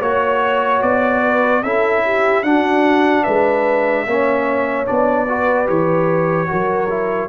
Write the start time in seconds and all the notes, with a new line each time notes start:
0.00 A#3 F#4 C#5
0.82 B3 D5
1.22 B4
1.63 C#4 E4 A4 E5
2.04 G4
2.43 D4 F#4 F#5
3.23 G#3 B4 E5
4.06 A#3 C#4 C#5
4.86 B3 D4 D5
5.27 F#4 B4
5.66 E3 G4 C#5
6.47 F#3 F#4 A#4
6.90 E4